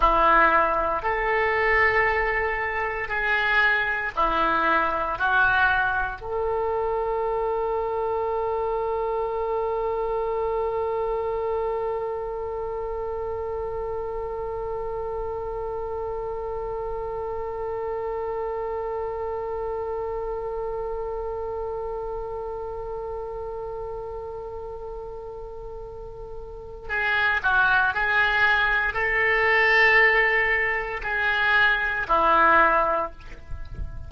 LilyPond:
\new Staff \with { instrumentName = "oboe" } { \time 4/4 \tempo 4 = 58 e'4 a'2 gis'4 | e'4 fis'4 a'2~ | a'1~ | a'1~ |
a'1~ | a'1~ | a'2 gis'8 fis'8 gis'4 | a'2 gis'4 e'4 | }